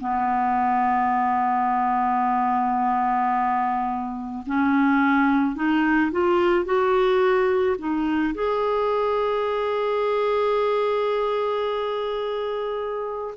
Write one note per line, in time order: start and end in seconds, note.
0.00 4.44 B3
4.46 5.56 C#4
5.56 6.11 D#4
6.12 6.65 F4
6.65 7.76 F#4
7.78 8.34 D#4
8.34 13.34 G#4